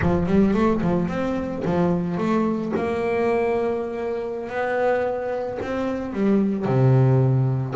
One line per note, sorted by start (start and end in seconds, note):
0.01 0.26 F3
0.26 0.53 G3
0.53 0.81 A3
0.81 1.08 F3
1.08 1.62 C4
1.64 2.17 F3
2.17 2.72 A3
2.76 4.49 A#3
4.49 5.58 B3
5.62 6.13 C4
6.13 6.65 G3
6.65 7.74 C3